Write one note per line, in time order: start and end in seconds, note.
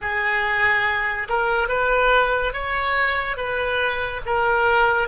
0.01 1.28 G#4
1.29 1.68 A#4
1.68 2.53 B4
2.53 3.36 C#5
3.36 4.21 B4
4.25 5.08 A#4